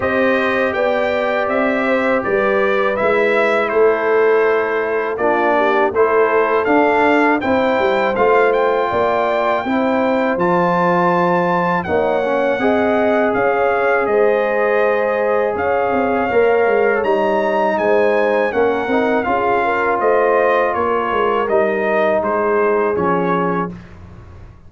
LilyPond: <<
  \new Staff \with { instrumentName = "trumpet" } { \time 4/4 \tempo 4 = 81 dis''4 g''4 e''4 d''4 | e''4 c''2 d''4 | c''4 f''4 g''4 f''8 g''8~ | g''2 a''2 |
fis''2 f''4 dis''4~ | dis''4 f''2 ais''4 | gis''4 fis''4 f''4 dis''4 | cis''4 dis''4 c''4 cis''4 | }
  \new Staff \with { instrumentName = "horn" } { \time 4/4 c''4 d''4. c''8 b'4~ | b'4 a'2 f'8 g'8 | a'2 c''2 | d''4 c''2. |
cis''4 dis''4 cis''4 c''4~ | c''4 cis''2. | c''4 ais'4 gis'8 ais'8 c''4 | ais'2 gis'2 | }
  \new Staff \with { instrumentName = "trombone" } { \time 4/4 g'1 | e'2. d'4 | e'4 d'4 e'4 f'4~ | f'4 e'4 f'2 |
dis'8 cis'8 gis'2.~ | gis'2 ais'4 dis'4~ | dis'4 cis'8 dis'8 f'2~ | f'4 dis'2 cis'4 | }
  \new Staff \with { instrumentName = "tuba" } { \time 4/4 c'4 b4 c'4 g4 | gis4 a2 ais4 | a4 d'4 c'8 g8 a4 | ais4 c'4 f2 |
ais4 c'4 cis'4 gis4~ | gis4 cis'8 c'8 ais8 gis8 g4 | gis4 ais8 c'8 cis'4 a4 | ais8 gis8 g4 gis4 f4 | }
>>